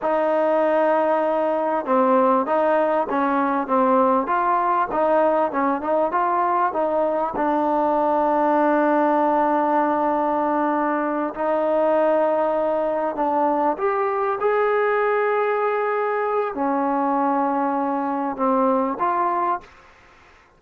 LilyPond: \new Staff \with { instrumentName = "trombone" } { \time 4/4 \tempo 4 = 98 dis'2. c'4 | dis'4 cis'4 c'4 f'4 | dis'4 cis'8 dis'8 f'4 dis'4 | d'1~ |
d'2~ d'8 dis'4.~ | dis'4. d'4 g'4 gis'8~ | gis'2. cis'4~ | cis'2 c'4 f'4 | }